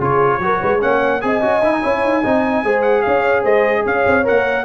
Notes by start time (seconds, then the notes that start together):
0.00 C#3 F4 G#4 C#5
0.39 F#3 F#4
0.45 A#4
0.61 G#3 B4
0.81 A#3 C#4 C#5 F#5
1.22 C4 G#4 D#5 G#5
1.42 C#4 F#4
1.62 D#4 E4
1.73 D#4
1.83 C#4 E4 C#5
2.04 D#4
2.24 C4 D#4 D#5
2.64 G#3 G#4 C5
2.83 F#5
3.02 C#4 C#5 F5
3.42 G#3 C5 D#5
3.86 C#4 C#5 F5
4.07 C4
4.24 A#3 A#4 F#5